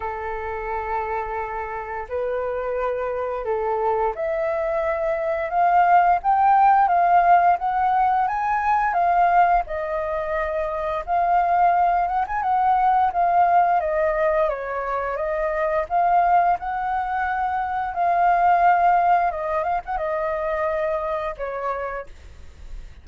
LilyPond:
\new Staff \with { instrumentName = "flute" } { \time 4/4 \tempo 4 = 87 a'2. b'4~ | b'4 a'4 e''2 | f''4 g''4 f''4 fis''4 | gis''4 f''4 dis''2 |
f''4. fis''16 gis''16 fis''4 f''4 | dis''4 cis''4 dis''4 f''4 | fis''2 f''2 | dis''8 f''16 fis''16 dis''2 cis''4 | }